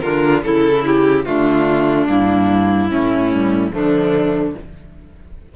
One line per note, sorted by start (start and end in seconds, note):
0.00 0.42 D3
0.00 0.43 D4
0.00 0.43 F4
0.00 0.41 A#4
0.42 1.25 C#3
0.42 1.24 E4
0.42 1.26 E4
0.42 0.84 A4
0.86 1.25 G4
1.24 2.08 D3
1.24 2.07 A3
1.24 2.89 D4
1.24 2.07 F4
2.07 2.90 G2
2.07 2.89 A#3
2.07 3.73 E4
2.89 3.71 A2
2.89 3.31 A3
2.89 3.72 C#4
3.31 3.70 G3
3.70 4.54 D3
3.70 4.52 F3
3.70 4.55 A3
3.70 4.55 D4